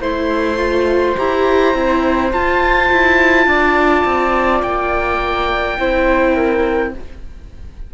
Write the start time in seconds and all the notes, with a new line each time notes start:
0.00 A3 E4 C5 C6
0.57 F4
1.17 E4 G4 A#5
1.74 C4 E4
2.32 F4 A5
2.92 E4
3.46 D4 D5
4.05 C4
4.62 A#3 G5
5.78 C4 E4 C5
6.35 A#4